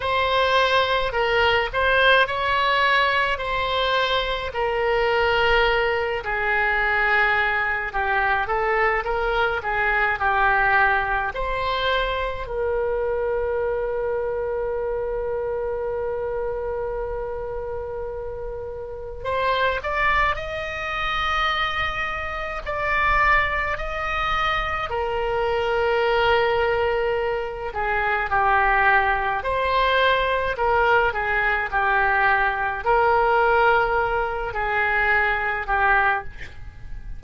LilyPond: \new Staff \with { instrumentName = "oboe" } { \time 4/4 \tempo 4 = 53 c''4 ais'8 c''8 cis''4 c''4 | ais'4. gis'4. g'8 a'8 | ais'8 gis'8 g'4 c''4 ais'4~ | ais'1~ |
ais'4 c''8 d''8 dis''2 | d''4 dis''4 ais'2~ | ais'8 gis'8 g'4 c''4 ais'8 gis'8 | g'4 ais'4. gis'4 g'8 | }